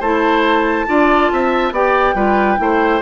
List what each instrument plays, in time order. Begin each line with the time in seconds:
0.00 bassoon A3, clarinet E4, oboe C5, flute A5
0.87 bassoon D4, clarinet F4, oboe D5
1.32 bassoon C4, oboe E5
1.71 bassoon B3, clarinet G4, oboe D5, flute G5
2.15 bassoon G3, clarinet F4, oboe B4
2.58 bassoon A3, clarinet E4, oboe C5